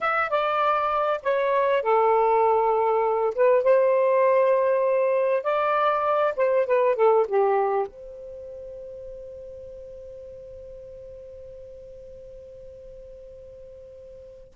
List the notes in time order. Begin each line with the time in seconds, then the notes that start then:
0.00 E5
0.30 D5
1.22 C#5
1.82 A4
3.34 B4
3.63 C5
5.43 D5
6.36 C5
6.66 B4
6.95 A4
7.27 G4
7.87 C5